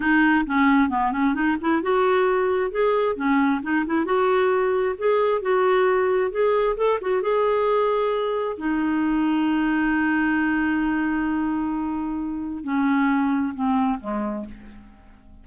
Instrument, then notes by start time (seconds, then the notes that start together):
clarinet
0.00 D#4
0.46 C#4
0.89 B3
1.12 C#4
1.34 D#4
1.60 E4
1.82 F#4
2.71 G#4
3.16 C#4
3.62 D#4
3.86 E4
4.05 F#4
4.97 G#4
5.41 F#4
6.31 G#4
6.76 A4
7.01 F#4
7.21 G#4
8.57 D#4
12.63 C#4
13.54 C4
14.00 G#3